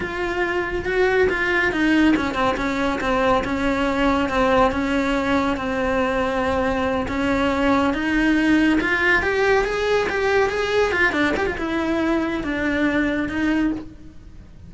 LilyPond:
\new Staff \with { instrumentName = "cello" } { \time 4/4 \tempo 4 = 140 f'2 fis'4 f'4 | dis'4 cis'8 c'8 cis'4 c'4 | cis'2 c'4 cis'4~ | cis'4 c'2.~ |
c'8 cis'2 dis'4.~ | dis'8 f'4 g'4 gis'4 g'8~ | g'8 gis'4 f'8 d'8 g'16 f'16 e'4~ | e'4 d'2 dis'4 | }